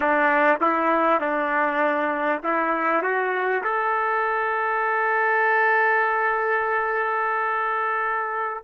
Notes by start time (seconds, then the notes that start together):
0.00 D4
0.61 E4
1.20 D4
2.42 E4
3.02 F#4
3.63 A4